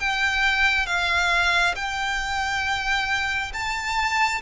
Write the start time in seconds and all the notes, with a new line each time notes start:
0.00 G5
0.87 F5
1.76 G5
3.54 A5